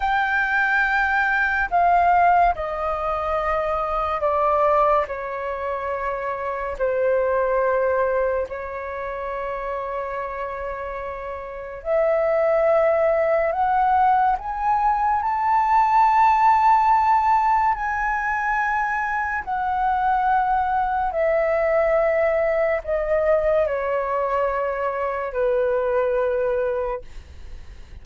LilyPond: \new Staff \with { instrumentName = "flute" } { \time 4/4 \tempo 4 = 71 g''2 f''4 dis''4~ | dis''4 d''4 cis''2 | c''2 cis''2~ | cis''2 e''2 |
fis''4 gis''4 a''2~ | a''4 gis''2 fis''4~ | fis''4 e''2 dis''4 | cis''2 b'2 | }